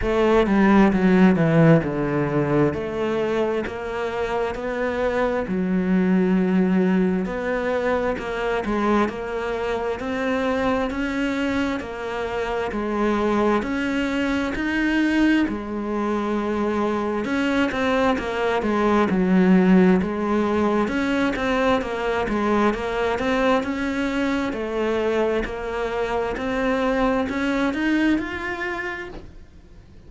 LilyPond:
\new Staff \with { instrumentName = "cello" } { \time 4/4 \tempo 4 = 66 a8 g8 fis8 e8 d4 a4 | ais4 b4 fis2 | b4 ais8 gis8 ais4 c'4 | cis'4 ais4 gis4 cis'4 |
dis'4 gis2 cis'8 c'8 | ais8 gis8 fis4 gis4 cis'8 c'8 | ais8 gis8 ais8 c'8 cis'4 a4 | ais4 c'4 cis'8 dis'8 f'4 | }